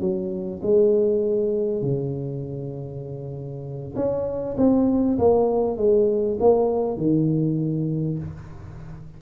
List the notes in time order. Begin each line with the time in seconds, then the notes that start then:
0.00 F#3
0.62 G#3
1.82 C#3
3.95 C#4
4.57 C4
5.18 A#3
5.77 G#3
6.40 A#3
6.97 D#3